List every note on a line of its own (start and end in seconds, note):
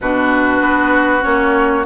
0.01 0.60 B2
0.01 1.21 D4
0.01 1.86 F#4
0.01 1.23 B4
0.60 1.22 B3
1.21 1.86 A#3
1.21 1.83 C#4
1.21 1.85 C#5